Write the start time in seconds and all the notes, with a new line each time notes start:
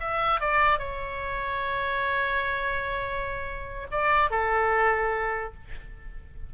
0.00 E5
0.41 D5
0.79 C#5
3.91 D5
4.30 A4